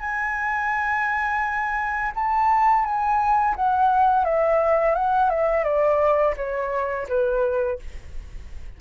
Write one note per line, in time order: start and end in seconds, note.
0.00 2.12 G#5
2.15 2.85 A5
2.85 3.55 G#5
3.56 4.25 F#5
4.25 4.95 E5
4.95 5.30 F#5
5.30 5.64 E5
5.64 6.35 D5
6.37 7.07 C#5
7.09 7.79 B4